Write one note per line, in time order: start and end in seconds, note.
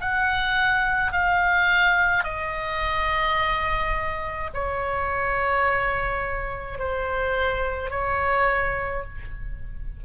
0.00 1.12 F#5
1.12 2.23 F5
2.23 4.50 D#5
4.53 6.78 C#5
6.78 7.90 C5
7.90 9.03 C#5